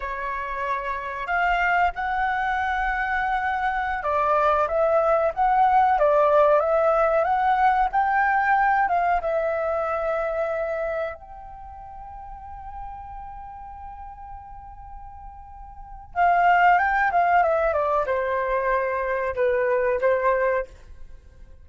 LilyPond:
\new Staff \with { instrumentName = "flute" } { \time 4/4 \tempo 4 = 93 cis''2 f''4 fis''4~ | fis''2~ fis''16 d''4 e''8.~ | e''16 fis''4 d''4 e''4 fis''8.~ | fis''16 g''4. f''8 e''4.~ e''16~ |
e''4~ e''16 g''2~ g''8.~ | g''1~ | g''4 f''4 g''8 f''8 e''8 d''8 | c''2 b'4 c''4 | }